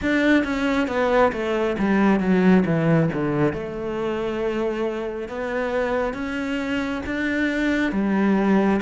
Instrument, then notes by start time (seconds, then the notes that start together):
cello
0.02 D4
0.44 C#4
0.87 B3
1.32 A3
1.78 G3
2.19 F#3
2.65 E3
3.13 D3
3.53 A3
5.28 B3
6.13 C#4
7.05 D4
7.92 G3